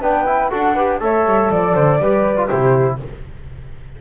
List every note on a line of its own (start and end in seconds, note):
0.00 0.51 B3
0.00 0.25 D4
0.00 0.50 B4
0.00 0.49 G5
0.25 0.50 E4
0.49 1.00 D4
0.49 0.75 F#4
0.49 0.74 A4
0.49 0.99 F#5
0.74 1.00 G4
0.74 0.99 B4
1.00 1.25 A3
1.00 1.99 A4
1.00 1.52 C#5
1.00 1.51 E5
1.25 1.50 G3
1.50 1.75 F3
1.50 2.47 D5
1.50 1.74 D5
1.74 1.99 D3
1.74 1.99 C5
1.99 2.48 G3
1.99 2.36 G4
1.99 2.48 B4
2.36 2.49 F4
2.47 3.01 C3
2.47 2.99 E4
2.47 2.97 G4
2.47 2.97 C5